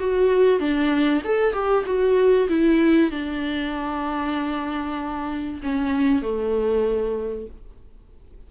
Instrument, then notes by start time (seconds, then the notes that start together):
viola
0.00 F#4
0.60 D4
1.24 A4
1.53 G4
1.86 F#4
2.49 E4
3.11 D4
5.63 C#4
6.22 A3